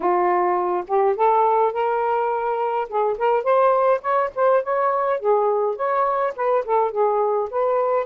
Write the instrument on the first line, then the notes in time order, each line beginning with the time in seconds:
saxophone
0.00 F4
0.87 G4
1.16 A4
1.73 A#4
2.88 G#4
3.18 A#4
3.43 C5
4.01 C#5
4.35 C5
4.63 C#5
5.19 G#4
5.76 C#5
6.35 B4
6.65 A4
6.91 G#4
7.50 B4